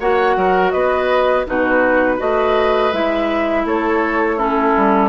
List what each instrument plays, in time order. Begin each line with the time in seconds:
0.00 bassoon A#3, clarinet F#4, oboe C#5, flute F#5
0.37 bassoon F#3, oboe A#4
0.71 bassoon B3, oboe B4, flute D#5
1.46 bassoon B2, clarinet D#4, oboe F#4, flute B4
2.16 bassoon A3, clarinet F#4, oboe B4, flute D#5
2.93 bassoon G#3, clarinet E4, flute E5
3.65 bassoon A3, oboe A4, flute C#5
4.37 clarinet C#4, oboe E4, flute A4
4.77 bassoon G3